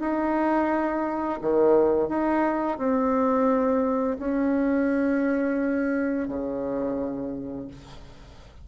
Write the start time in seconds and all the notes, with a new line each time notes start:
0.00 D#4
1.41 D#3
2.08 D#4
2.78 C4
4.19 C#4
6.28 C#3